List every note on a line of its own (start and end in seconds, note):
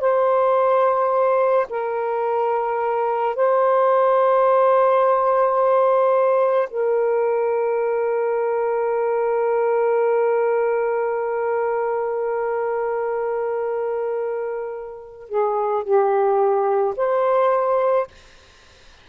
0.00 1.67 C5
1.69 3.35 A#4
3.35 6.69 C5
6.70 15.28 A#4
15.28 15.83 G#4
15.83 16.94 G4
16.96 18.07 C5